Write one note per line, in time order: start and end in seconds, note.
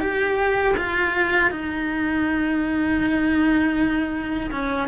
0.00 0.75 G4
0.77 1.50 F4
1.50 4.50 D#4
4.51 4.88 C#4